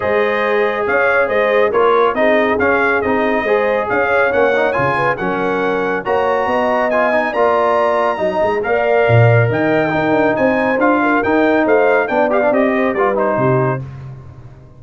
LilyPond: <<
  \new Staff \with { instrumentName = "trumpet" } { \time 4/4 \tempo 4 = 139 dis''2 f''4 dis''4 | cis''4 dis''4 f''4 dis''4~ | dis''4 f''4 fis''4 gis''4 | fis''2 ais''2 |
gis''4 ais''2. | f''2 g''2 | gis''4 f''4 g''4 f''4 | g''8 f''8 dis''4 d''8 c''4. | }
  \new Staff \with { instrumentName = "horn" } { \time 4/4 c''2 cis''4 c''4 | ais'4 gis'2. | c''4 cis''2~ cis''8 b'8 | ais'2 cis''4 dis''4~ |
dis''4 d''2 dis''4 | d''2 dis''4 ais'4 | c''4. ais'4. c''4 | d''4. c''8 b'4 g'4 | }
  \new Staff \with { instrumentName = "trombone" } { \time 4/4 gis'1 | f'4 dis'4 cis'4 dis'4 | gis'2 cis'8 dis'8 f'4 | cis'2 fis'2 |
f'8 dis'8 f'2 dis'4 | ais'2. dis'4~ | dis'4 f'4 dis'2 | d'8 g'16 d'16 g'4 f'8 dis'4. | }
  \new Staff \with { instrumentName = "tuba" } { \time 4/4 gis2 cis'4 gis4 | ais4 c'4 cis'4 c'4 | gis4 cis'4 ais4 cis4 | fis2 ais4 b4~ |
b4 ais2 fis8 gis8 | ais4 ais,4 dis4 dis'8 d'8 | c'4 d'4 dis'4 a4 | b4 c'4 g4 c4 | }
>>